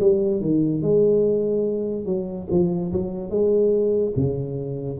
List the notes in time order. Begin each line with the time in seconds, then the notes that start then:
0.00 G3
0.41 D#3
0.82 G#3
2.06 F#3
2.51 F3
2.92 F#3
3.30 G#3
4.16 C#3